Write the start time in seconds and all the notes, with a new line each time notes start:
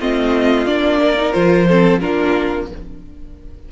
0.00 A3 C4 F4 D#5
0.67 A#3 D4 D5
1.02 A#4
1.17 D#4
1.33 F3 F4 C5
1.68 C4 A4
2.00 A#3 D4 F4 A#4